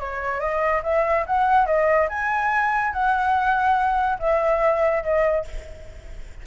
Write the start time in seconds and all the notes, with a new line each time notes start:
0.00 C#5
0.40 D#5
0.84 E5
1.27 F#5
1.66 D#5
2.09 G#5
2.93 F#5
4.20 E5
5.03 D#5